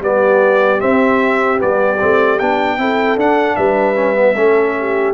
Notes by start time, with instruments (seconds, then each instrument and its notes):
0.00 tuba G3, trombone B3, horn G4, trumpet D5
0.79 trombone C4, tuba C4, trumpet E5
1.57 tuba G3, trombone B3, trumpet D5
1.99 tuba A3, trombone C4
2.39 tuba B3, trombone D4, trumpet G5
2.78 tuba C4, trombone E4, horn A4
3.16 tuba D4, trombone D4, trumpet F#5
3.56 tuba G3, horn B4, trumpet E5
3.95 trombone C#4
4.15 trombone B3
4.35 tuba A3, trombone C#4, horn A4
4.79 horn G4